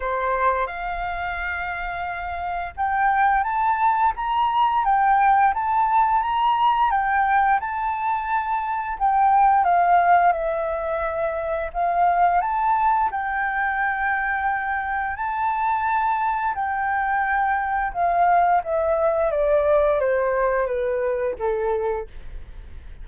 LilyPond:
\new Staff \with { instrumentName = "flute" } { \time 4/4 \tempo 4 = 87 c''4 f''2. | g''4 a''4 ais''4 g''4 | a''4 ais''4 g''4 a''4~ | a''4 g''4 f''4 e''4~ |
e''4 f''4 a''4 g''4~ | g''2 a''2 | g''2 f''4 e''4 | d''4 c''4 b'4 a'4 | }